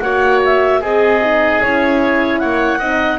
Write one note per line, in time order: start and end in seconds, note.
0.00 0.81 A#3
0.00 0.82 F#4
0.00 0.81 C#5
0.00 0.40 F#5
0.45 0.83 E5
0.81 1.61 C4
0.81 2.41 G#4
0.81 1.22 G#4
0.81 1.62 D#5
1.22 1.62 D#4
1.62 2.43 C#4
1.62 2.81 E4
1.62 2.39 C#5
2.39 2.80 A#3
2.39 2.79 C#5
2.39 3.19 F#5
2.79 3.19 C4
2.79 3.19 D#4
2.79 3.19 D#5